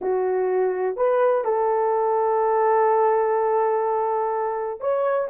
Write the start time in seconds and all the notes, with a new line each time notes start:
0.01 F#4
0.96 B4
1.44 A4
4.80 C#5